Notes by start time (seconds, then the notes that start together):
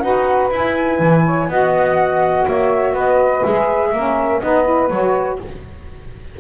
0.00 D#4 F#4 B4 F#5
0.51 E4 G#5
1.00 E3
1.25 C#5
1.48 B3 F#4 D#5 F#5
2.46 A#3 C#5 E5
2.92 B3 B4 D#5
3.44 G#3 G#4 E5
3.93 A#3 C#4 A#4
4.40 B3 D#4 B4 D#5
4.65 E4
4.90 F#3 F#4 C#5